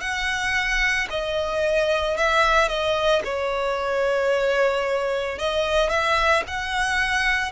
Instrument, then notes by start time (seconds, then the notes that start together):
violin
0.00 F#5
1.10 D#5
2.17 E5
2.68 D#5
3.24 C#5
5.38 D#5
5.89 E5
6.47 F#5